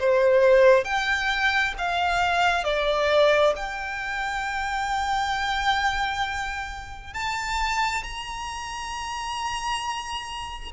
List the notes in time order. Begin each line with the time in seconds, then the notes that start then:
0.00 C5
0.84 G5
1.78 F5
2.64 D5
3.56 G5
7.14 A5
8.03 A#5